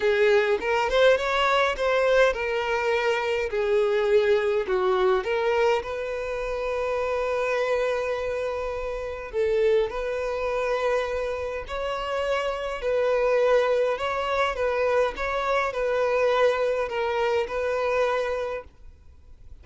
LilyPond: \new Staff \with { instrumentName = "violin" } { \time 4/4 \tempo 4 = 103 gis'4 ais'8 c''8 cis''4 c''4 | ais'2 gis'2 | fis'4 ais'4 b'2~ | b'1 |
a'4 b'2. | cis''2 b'2 | cis''4 b'4 cis''4 b'4~ | b'4 ais'4 b'2 | }